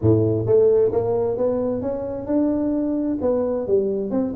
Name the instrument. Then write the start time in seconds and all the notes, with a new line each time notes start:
tuba
0.01 A2
0.46 A3
0.92 A#3
1.37 B3
1.81 C#4
2.26 D4
3.21 B3
3.67 G3
4.10 C4